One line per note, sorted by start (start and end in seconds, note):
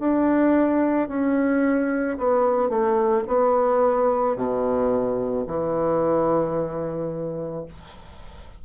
0.00 1.09 D4
1.09 2.18 C#4
2.18 2.70 B3
2.70 3.24 A3
3.28 4.36 B3
4.36 5.45 B2
5.47 7.65 E3